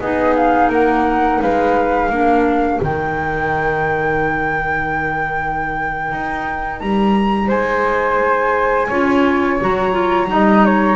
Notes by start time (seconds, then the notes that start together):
0.00 B3 D#4 G#4 D#5
0.36 F5
0.69 A#3 A#4 F#5
1.42 G#3 B4 F5
2.10 A#3 D4 A#4
2.81 D#3 D#4 G5
6.12 D#4
6.80 G3 A#5
7.48 G#3 C5 G#5
8.89 C#4 F4 C#5
9.61 F#3 F#4 A#5
9.92 F4
10.28 G3 D#4 D#5
10.66 C#5